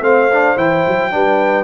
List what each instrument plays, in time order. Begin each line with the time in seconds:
0.00 tuba A3, trombone C4, horn C5, trumpet F5
0.32 trombone D4
0.56 tuba E3, trombone E4, trumpet G5
0.86 tuba F#3
1.11 tuba G3, trombone D4, horn B4